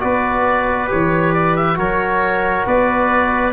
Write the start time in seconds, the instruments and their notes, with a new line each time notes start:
0.00 tuba B3, trombone F#4, trumpet B4, oboe D5
0.88 tuba E3, trombone G4, oboe C#5
1.34 oboe D5
1.56 oboe E5
1.76 tuba F#3, trombone F#4, trumpet A#4, oboe C#5
2.66 tuba B3, trumpet B4, oboe D5